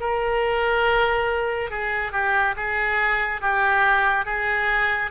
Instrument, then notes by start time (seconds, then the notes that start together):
oboe
0.00 A#4
1.70 G#4
2.12 G4
2.56 G#4
3.41 G4
4.25 G#4